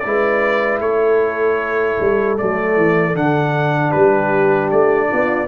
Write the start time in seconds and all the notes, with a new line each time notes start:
0.00 G#3 E4 D5
0.07 B4
0.80 A3 A4 C#5
2.00 G3
2.38 F#3 A3 D5
2.77 E3
3.14 D3 D4 F#5
3.90 G3 G4 B4
4.71 A3 D5
5.09 B3 F4